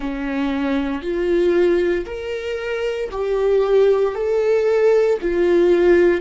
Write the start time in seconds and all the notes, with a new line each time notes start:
0.00 C#4
1.02 F4
2.05 A#4
3.11 G4
4.14 A4
5.21 F4